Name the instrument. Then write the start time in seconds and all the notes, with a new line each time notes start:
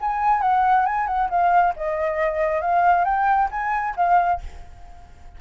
flute
0.00 G#5
0.41 F#5
0.86 G#5
1.07 F#5
1.30 F5
1.76 D#5
2.61 F5
3.04 G5
3.51 G#5
3.96 F5